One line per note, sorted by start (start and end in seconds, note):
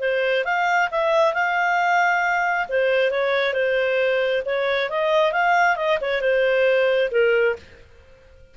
0.00 0.44 C5
0.44 0.89 F5
0.91 1.34 E5
1.34 2.67 F5
2.69 3.11 C5
3.11 3.54 C#5
3.54 4.42 C5
4.45 4.89 C#5
4.89 5.32 D#5
5.32 5.76 F5
5.76 5.98 D#5
6.01 6.21 C#5
6.21 7.10 C5
7.11 7.56 A#4